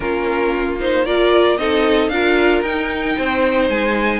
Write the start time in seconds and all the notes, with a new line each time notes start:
0.00 A#3 C#4 F4 A#4
0.79 D#4 C5
1.05 F4 A#4 D5
1.57 C4 D#4 A4 D#5
2.08 D4 F4 A#4 F5
2.62 D#4 G5
3.17 C4 C5
3.69 G#3 G#5